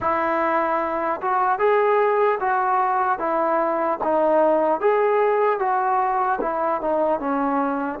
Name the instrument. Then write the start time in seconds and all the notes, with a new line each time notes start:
trombone
0.00 E4
1.21 F#4
1.58 G#4
2.40 F#4
3.19 E4
4.03 D#4
4.80 G#4
5.59 F#4
6.41 E4
6.81 D#4
7.19 C#4